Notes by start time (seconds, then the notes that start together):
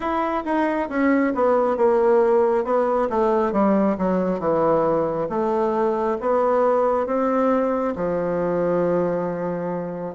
0.00 E4
0.44 D#4
0.89 C#4
1.34 B3
1.76 A#3
2.64 B3
3.09 A3
3.52 G3
3.97 F#3
4.39 E3
5.29 A3
6.20 B3
7.06 C4
7.95 F3